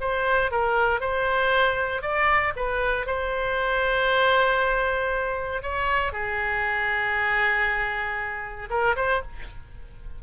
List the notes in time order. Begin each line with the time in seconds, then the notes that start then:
0.00 C5
0.51 A#4
1.00 C5
2.02 D5
2.56 B4
3.06 C5
5.62 C#5
6.12 G#4
8.70 A#4
8.96 C5